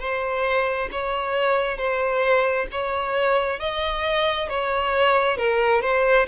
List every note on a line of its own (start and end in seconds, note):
0.00 0.90 C5
0.92 1.77 C#5
1.77 2.67 C5
2.72 3.60 C#5
3.60 4.49 D#5
4.49 5.38 C#5
5.38 5.82 A#4
5.82 6.26 C5